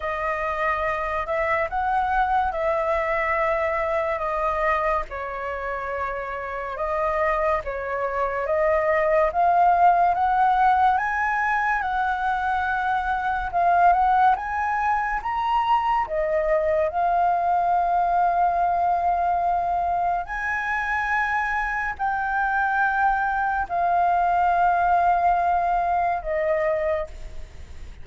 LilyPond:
\new Staff \with { instrumentName = "flute" } { \time 4/4 \tempo 4 = 71 dis''4. e''8 fis''4 e''4~ | e''4 dis''4 cis''2 | dis''4 cis''4 dis''4 f''4 | fis''4 gis''4 fis''2 |
f''8 fis''8 gis''4 ais''4 dis''4 | f''1 | gis''2 g''2 | f''2. dis''4 | }